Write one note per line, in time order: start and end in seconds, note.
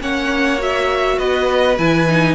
0.00 1.18 A#3
0.00 0.58 C#4
0.00 1.17 C#5
0.00 0.61 F#5
0.58 1.75 F#4
0.58 1.19 E5
1.17 1.77 B3
1.17 2.34 B4
1.17 1.77 D#5
1.78 2.35 E3
1.78 2.08 E4
1.78 2.35 G#5
2.09 2.35 D#4